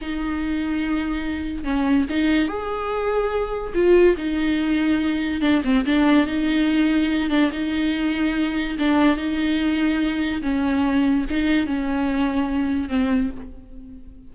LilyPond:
\new Staff \with { instrumentName = "viola" } { \time 4/4 \tempo 4 = 144 dis'1 | cis'4 dis'4 gis'2~ | gis'4 f'4 dis'2~ | dis'4 d'8 c'8 d'4 dis'4~ |
dis'4. d'8 dis'2~ | dis'4 d'4 dis'2~ | dis'4 cis'2 dis'4 | cis'2. c'4 | }